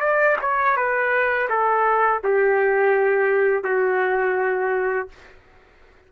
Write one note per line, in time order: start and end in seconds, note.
0.00 0.36 D5
0.41 0.76 C#5
0.76 1.49 B4
1.49 2.21 A4
2.23 3.64 G4
3.64 5.08 F#4